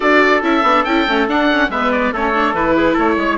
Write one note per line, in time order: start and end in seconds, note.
0.00 0.42 D4
0.00 0.42 F#4
0.00 1.70 A4
0.00 0.42 D5
0.42 0.63 C#4
0.42 0.63 E4
0.42 0.84 E5
0.63 0.84 B3
0.63 0.87 D4
0.84 1.06 C#4
0.84 1.07 E4
0.84 1.27 G5
1.07 1.28 A3
1.07 1.27 C#4
1.27 1.49 D4
1.27 1.69 D4
1.27 1.70 F#5
1.51 1.71 C#4
1.69 2.11 G#3
1.69 2.13 B3
1.69 2.12 B4
1.69 1.91 E5
1.92 2.13 D5
2.12 2.53 A3
2.12 2.34 C#4
2.12 2.76 A4
2.12 2.54 C#5
2.34 2.55 D4
2.53 2.95 E3
2.53 3.38 E4
2.53 2.97 B4
2.77 2.93 G#4
2.93 3.17 A3
2.93 3.14 A4
2.93 3.38 C#5
3.17 3.38 G#3
3.17 3.38 C#5